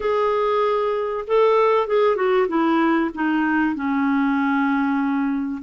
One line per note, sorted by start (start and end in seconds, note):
0.00 1.25 G#4
1.27 1.87 A4
1.87 2.16 G#4
2.16 2.47 F#4
2.47 3.10 E4
3.14 3.75 D#4
3.75 5.62 C#4